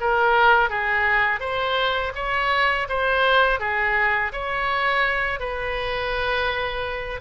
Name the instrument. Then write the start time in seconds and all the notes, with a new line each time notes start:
oboe
0.00 A#4
0.69 G#4
1.40 C5
2.15 C#5
2.88 C5
3.59 G#4
4.32 C#5
5.39 B4